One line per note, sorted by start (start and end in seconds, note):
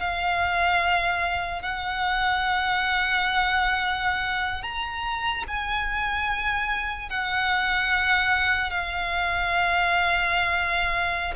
0.00 1.62 F5
1.62 4.63 F#5
4.63 5.44 A#5
5.47 7.09 G#5
7.09 8.70 F#5
8.70 11.34 F5